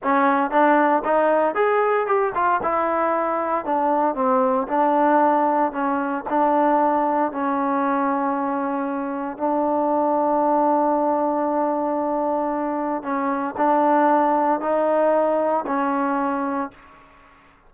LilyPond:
\new Staff \with { instrumentName = "trombone" } { \time 4/4 \tempo 4 = 115 cis'4 d'4 dis'4 gis'4 | g'8 f'8 e'2 d'4 | c'4 d'2 cis'4 | d'2 cis'2~ |
cis'2 d'2~ | d'1~ | d'4 cis'4 d'2 | dis'2 cis'2 | }